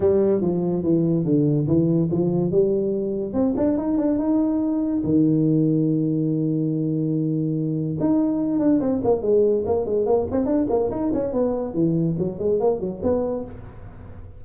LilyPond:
\new Staff \with { instrumentName = "tuba" } { \time 4/4 \tempo 4 = 143 g4 f4 e4 d4 | e4 f4 g2 | c'8 d'8 dis'8 d'8 dis'2 | dis1~ |
dis2. dis'4~ | dis'8 d'8 c'8 ais8 gis4 ais8 gis8 | ais8 c'8 d'8 ais8 dis'8 cis'8 b4 | e4 fis8 gis8 ais8 fis8 b4 | }